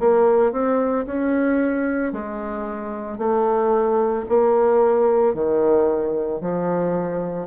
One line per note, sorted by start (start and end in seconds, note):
0.00 0.52 A#3
0.52 1.06 C4
1.06 2.13 C#4
2.13 3.18 G#3
3.18 4.25 A3
4.29 5.34 A#3
5.34 6.41 D#3
6.41 7.48 F3